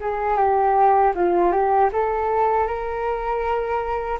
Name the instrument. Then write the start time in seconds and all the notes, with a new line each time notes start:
flute
0.00 G#4
0.37 G4
1.15 F4
1.52 G4
1.93 A4
2.67 A#4